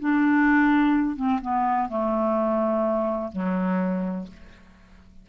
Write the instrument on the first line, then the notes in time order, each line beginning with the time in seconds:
clarinet
0.00 D4
1.16 C4
1.42 B3
1.89 A3
3.32 F#3